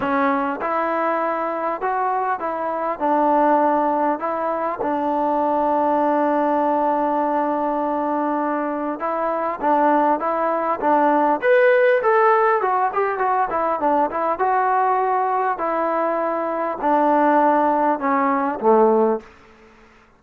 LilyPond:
\new Staff \with { instrumentName = "trombone" } { \time 4/4 \tempo 4 = 100 cis'4 e'2 fis'4 | e'4 d'2 e'4 | d'1~ | d'2. e'4 |
d'4 e'4 d'4 b'4 | a'4 fis'8 g'8 fis'8 e'8 d'8 e'8 | fis'2 e'2 | d'2 cis'4 a4 | }